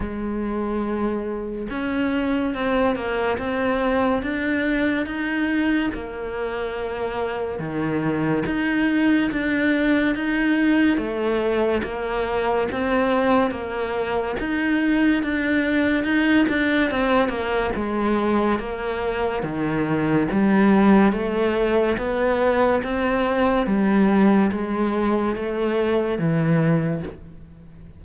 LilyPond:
\new Staff \with { instrumentName = "cello" } { \time 4/4 \tempo 4 = 71 gis2 cis'4 c'8 ais8 | c'4 d'4 dis'4 ais4~ | ais4 dis4 dis'4 d'4 | dis'4 a4 ais4 c'4 |
ais4 dis'4 d'4 dis'8 d'8 | c'8 ais8 gis4 ais4 dis4 | g4 a4 b4 c'4 | g4 gis4 a4 e4 | }